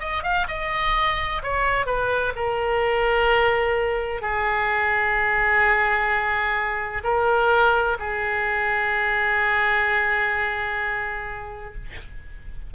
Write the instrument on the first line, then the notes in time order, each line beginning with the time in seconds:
oboe
0.00 D#5
0.24 F5
0.49 D#5
1.43 C#5
1.86 B4
2.36 A#4
4.22 G#4
7.04 A#4
8.00 G#4